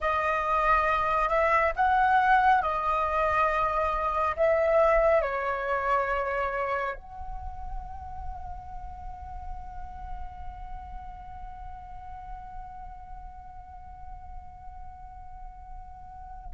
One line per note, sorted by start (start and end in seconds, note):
0.00 1.28 D#5
1.28 1.72 E5
1.75 2.61 F#5
2.61 4.35 D#5
4.36 5.21 E5
5.21 6.95 C#5
6.95 16.51 F#5